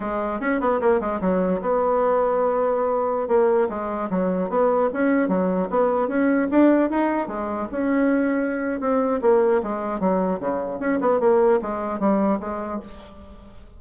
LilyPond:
\new Staff \with { instrumentName = "bassoon" } { \time 4/4 \tempo 4 = 150 gis4 cis'8 b8 ais8 gis8 fis4 | b1~ | b16 ais4 gis4 fis4 b8.~ | b16 cis'4 fis4 b4 cis'8.~ |
cis'16 d'4 dis'4 gis4 cis'8.~ | cis'2 c'4 ais4 | gis4 fis4 cis4 cis'8 b8 | ais4 gis4 g4 gis4 | }